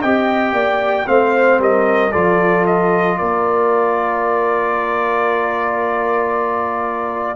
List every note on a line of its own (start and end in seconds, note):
0.00 0.52 C4
0.00 1.06 G4
0.00 0.53 D#5
0.00 1.07 G5
0.52 1.05 A#3
0.52 1.06 D5
1.06 1.59 A3
1.06 2.11 C4
1.06 1.60 C5
1.06 1.59 F5
1.59 2.11 G3
1.59 2.12 A#4
1.59 2.12 D#5
2.12 3.20 F3
2.12 7.36 F4
2.12 3.17 A4
2.12 2.64 D5
2.66 3.17 D#5
3.17 7.36 A#3
3.17 7.36 A#4
3.17 7.36 D5